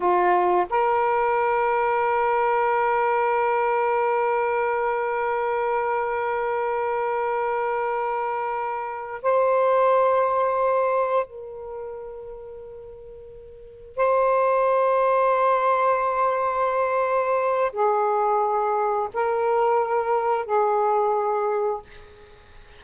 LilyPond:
\new Staff \with { instrumentName = "saxophone" } { \time 4/4 \tempo 4 = 88 f'4 ais'2.~ | ais'1~ | ais'1~ | ais'4. c''2~ c''8~ |
c''8 ais'2.~ ais'8~ | ais'8 c''2.~ c''8~ | c''2 gis'2 | ais'2 gis'2 | }